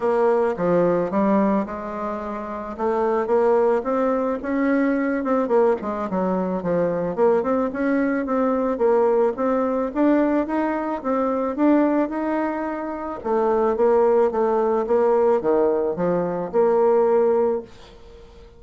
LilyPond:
\new Staff \with { instrumentName = "bassoon" } { \time 4/4 \tempo 4 = 109 ais4 f4 g4 gis4~ | gis4 a4 ais4 c'4 | cis'4. c'8 ais8 gis8 fis4 | f4 ais8 c'8 cis'4 c'4 |
ais4 c'4 d'4 dis'4 | c'4 d'4 dis'2 | a4 ais4 a4 ais4 | dis4 f4 ais2 | }